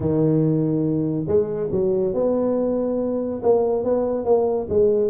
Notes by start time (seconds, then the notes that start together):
0.00 D#3
1.27 G#3
1.71 F#3
2.14 B3
3.42 A#3
3.84 B3
4.24 A#3
4.69 G#3